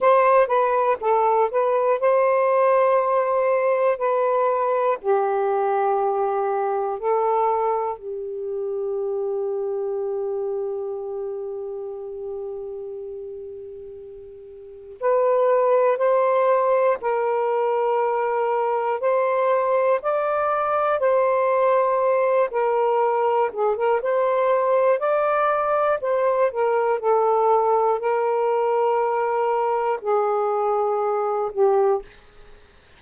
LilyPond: \new Staff \with { instrumentName = "saxophone" } { \time 4/4 \tempo 4 = 60 c''8 b'8 a'8 b'8 c''2 | b'4 g'2 a'4 | g'1~ | g'2. b'4 |
c''4 ais'2 c''4 | d''4 c''4. ais'4 gis'16 ais'16 | c''4 d''4 c''8 ais'8 a'4 | ais'2 gis'4. g'8 | }